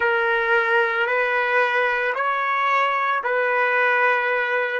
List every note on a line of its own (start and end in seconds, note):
0.00 1.06 A#4
1.06 2.13 B4
2.14 3.21 C#5
3.23 4.79 B4